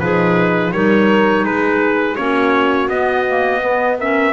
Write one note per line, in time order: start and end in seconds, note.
0.00 0.72 F3
0.00 0.73 D#4
0.00 0.74 G#4
0.00 0.73 B4
0.72 1.44 G3
0.72 2.17 D#4
0.72 1.45 A#4
0.72 1.45 C#5
1.44 2.17 G#3
1.44 2.17 G#4
1.44 2.16 B4
2.16 2.88 A#3
2.16 2.89 C#4
2.16 3.62 F#4
2.16 2.89 C#5
2.88 4.33 B3
2.88 3.26 B3
2.88 3.98 D#5
3.29 3.61 A#3
3.61 3.98 B3
3.61 3.98 B4
3.99 4.34 C#4
3.99 4.34 A#4
3.99 4.34 E5